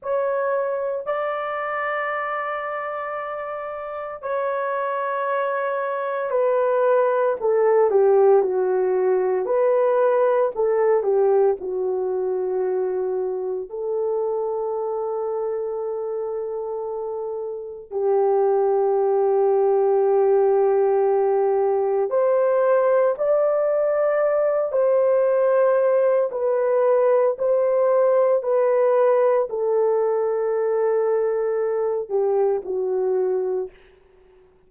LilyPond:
\new Staff \with { instrumentName = "horn" } { \time 4/4 \tempo 4 = 57 cis''4 d''2. | cis''2 b'4 a'8 g'8 | fis'4 b'4 a'8 g'8 fis'4~ | fis'4 a'2.~ |
a'4 g'2.~ | g'4 c''4 d''4. c''8~ | c''4 b'4 c''4 b'4 | a'2~ a'8 g'8 fis'4 | }